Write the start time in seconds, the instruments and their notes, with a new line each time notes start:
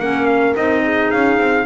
0.00 double bass A#3, clarinet C#4, horn A#4, trumpet F#5
0.26 trumpet F5
0.56 double bass C4, clarinet D#4, trumpet D#5
0.84 horn G#4
1.12 double bass C#4, trumpet F5
1.38 double bass C4